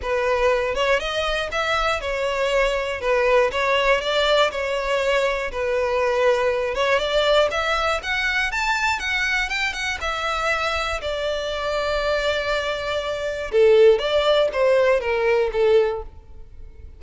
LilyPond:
\new Staff \with { instrumentName = "violin" } { \time 4/4 \tempo 4 = 120 b'4. cis''8 dis''4 e''4 | cis''2 b'4 cis''4 | d''4 cis''2 b'4~ | b'4. cis''8 d''4 e''4 |
fis''4 a''4 fis''4 g''8 fis''8 | e''2 d''2~ | d''2. a'4 | d''4 c''4 ais'4 a'4 | }